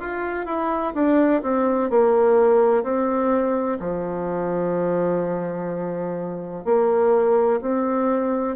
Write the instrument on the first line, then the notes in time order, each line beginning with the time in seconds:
bassoon
0.00 F4
0.46 E4
0.95 D4
1.43 C4
1.90 A#3
2.84 C4
3.80 F3
6.65 A#3
7.61 C4